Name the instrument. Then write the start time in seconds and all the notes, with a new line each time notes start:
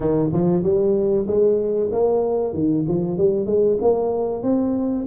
tuba
0.00 D#3
0.32 F3
0.63 G3
1.27 G#3
1.91 A#3
2.53 D#3
2.87 F3
3.17 G3
3.46 G#3
3.81 A#3
4.42 C4